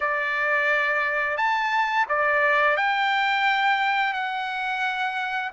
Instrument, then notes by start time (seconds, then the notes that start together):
trumpet
0.00 D5
1.37 A5
2.08 D5
2.76 G5
4.13 F#5